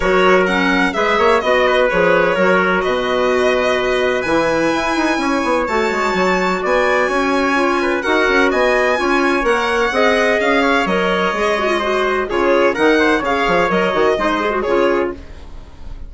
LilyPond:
<<
  \new Staff \with { instrumentName = "violin" } { \time 4/4 \tempo 4 = 127 cis''4 fis''4 e''4 dis''4 | cis''2 dis''2~ | dis''4 gis''2. | a''2 gis''2~ |
gis''4 fis''4 gis''2 | fis''2 f''4 dis''4~ | dis''2 cis''4 fis''4 | f''4 dis''2 cis''4 | }
  \new Staff \with { instrumentName = "trumpet" } { \time 4/4 ais'2 b'8 cis''8 dis''8 b'8~ | b'4 ais'4 b'2~ | b'2. cis''4~ | cis''2 d''4 cis''4~ |
cis''8 b'8 ais'4 dis''4 cis''4~ | cis''4 dis''4. cis''4.~ | cis''4 c''4 gis'4 ais'8 c''8 | cis''2 c''4 gis'4 | }
  \new Staff \with { instrumentName = "clarinet" } { \time 4/4 fis'4 cis'4 gis'4 fis'4 | gis'4 fis'2.~ | fis'4 e'2. | fis'1 |
f'4 fis'2 f'4 | ais'4 gis'2 ais'4 | gis'8 fis'16 f'16 fis'4 f'4 dis'4 | gis'4 ais'8 fis'8 dis'8 gis'16 fis'16 f'4 | }
  \new Staff \with { instrumentName = "bassoon" } { \time 4/4 fis2 gis8 ais8 b4 | f4 fis4 b,2~ | b,4 e4 e'8 dis'8 cis'8 b8 | a8 gis8 fis4 b4 cis'4~ |
cis'4 dis'8 cis'8 b4 cis'4 | ais4 c'4 cis'4 fis4 | gis2 cis4 dis4 | cis8 f8 fis8 dis8 gis4 cis4 | }
>>